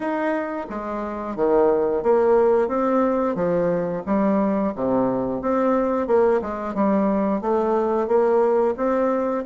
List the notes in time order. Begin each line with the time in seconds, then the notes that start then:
0.00 D#4
0.69 G#3
1.36 D#3
2.02 A#3
2.68 C4
3.35 F3
4.05 G3
4.75 C3
5.41 C4
6.07 A#3
6.41 G#3
6.74 G3
7.41 A3
8.07 A#3
8.76 C4